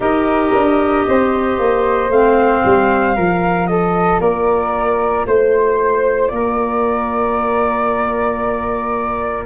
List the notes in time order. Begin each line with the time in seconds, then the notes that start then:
0.00 D#4 G4 A#4 D#5
0.53 D4
1.08 C4 C5
1.58 A#3
2.09 A3 C4 F5
2.64 G3
3.15 F3 F4 A#4
3.66 A4 D#5
4.20 A#3 A#4 D5
5.26 A3 C5
6.27 A#3 D5
6.34 A#4